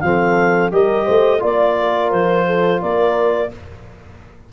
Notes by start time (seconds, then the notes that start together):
0.00 F3 C4 A4 F5
0.71 G3 G4 A#4 D#5
1.05 A3 C5
1.40 A#3 F4 D5
1.80 A#4
2.11 F3 C5
2.47 A4
2.81 A#3 A#4 D5